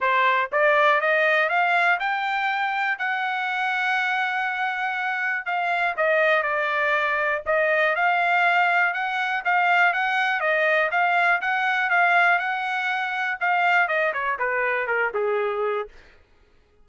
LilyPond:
\new Staff \with { instrumentName = "trumpet" } { \time 4/4 \tempo 4 = 121 c''4 d''4 dis''4 f''4 | g''2 fis''2~ | fis''2. f''4 | dis''4 d''2 dis''4 |
f''2 fis''4 f''4 | fis''4 dis''4 f''4 fis''4 | f''4 fis''2 f''4 | dis''8 cis''8 b'4 ais'8 gis'4. | }